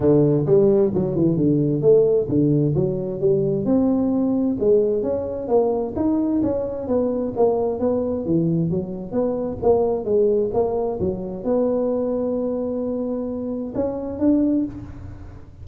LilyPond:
\new Staff \with { instrumentName = "tuba" } { \time 4/4 \tempo 4 = 131 d4 g4 fis8 e8 d4 | a4 d4 fis4 g4 | c'2 gis4 cis'4 | ais4 dis'4 cis'4 b4 |
ais4 b4 e4 fis4 | b4 ais4 gis4 ais4 | fis4 b2.~ | b2 cis'4 d'4 | }